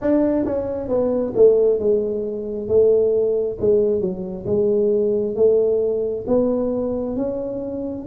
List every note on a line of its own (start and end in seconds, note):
0.01 0.45 D4
0.45 0.88 C#4
0.88 1.33 B3
1.35 1.79 A3
1.79 2.67 G#3
2.67 3.57 A3
3.60 4.01 G#3
4.01 4.45 F#3
4.46 5.35 G#3
5.35 6.25 A3
6.27 7.16 B3
7.16 8.06 C#4